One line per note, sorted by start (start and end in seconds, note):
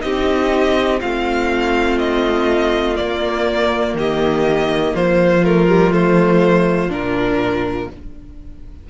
0.00 1.02 C4
0.00 0.98 D#4
0.00 1.01 G4
0.00 1.00 D#5
1.01 3.00 A3
1.01 2.95 C4
1.01 3.97 F4
1.01 1.99 F5
1.99 2.97 D#5
2.95 5.41 A#3
2.95 3.94 A#3
2.95 3.95 D5
3.94 4.93 D#3
3.94 4.94 G4
3.94 4.96 D#5
4.94 6.89 F3
4.94 7.89 F4
4.94 5.44 C5
5.44 5.69 A3
5.44 5.93 A#4
5.69 5.91 G3
5.91 6.90 A3
5.91 6.91 C5
6.89 7.87 A#2
6.89 7.88 D4
6.89 7.90 A#4